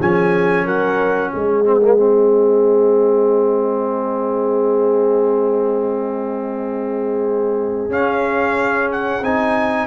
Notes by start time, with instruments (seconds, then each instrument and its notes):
0.00 tuba F3, trombone C#4, horn G#4, trumpet G#5
0.65 tuba F#3, horn A#4, trumpet F#5
1.33 tuba G#3, horn G#4, trumpet D#5
1.65 trombone C4
1.82 trombone A#3
1.97 trombone C4
7.89 tuba C#4, trombone C#4, trumpet F5
8.92 trumpet F#5
9.22 tuba C4, trombone D#4, trumpet G#5